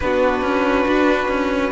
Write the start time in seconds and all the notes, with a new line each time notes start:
0.00 B3 D4 F#4 B4
0.42 C#4
0.88 D4
1.28 C#4